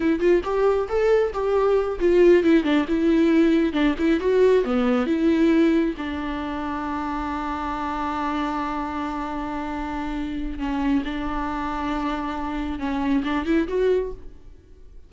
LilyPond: \new Staff \with { instrumentName = "viola" } { \time 4/4 \tempo 4 = 136 e'8 f'8 g'4 a'4 g'4~ | g'8 f'4 e'8 d'8 e'4.~ | e'8 d'8 e'8 fis'4 b4 e'8~ | e'4. d'2~ d'8~ |
d'1~ | d'1 | cis'4 d'2.~ | d'4 cis'4 d'8 e'8 fis'4 | }